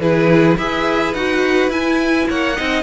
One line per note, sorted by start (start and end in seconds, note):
0.00 0.57 E3
0.00 0.59 E4
0.00 0.58 G#4
0.00 0.58 B4
0.58 1.14 E4
0.58 1.15 G#4
0.58 2.29 B4
0.58 1.14 E5
1.14 1.69 D#4
1.14 1.71 F#4
1.14 1.71 F#5
1.69 2.25 E4
1.69 2.56 E4
1.69 2.28 G#5
2.29 2.59 A#3
2.29 2.57 C#5
2.29 2.83 F#5
2.56 2.83 C4
2.56 2.83 D#4
2.56 2.83 D#5